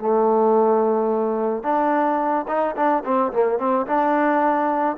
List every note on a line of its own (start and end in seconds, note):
0.00 1.64 A3
1.64 2.46 D4
2.48 2.76 D#4
2.76 3.04 D4
3.05 3.33 C4
3.33 3.59 A#3
3.59 3.87 C4
3.87 4.97 D4